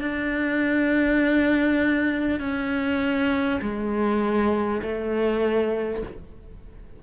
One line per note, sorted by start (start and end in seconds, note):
0.00 2.39 D4
2.39 3.59 C#4
3.61 4.81 G#3
4.82 6.02 A3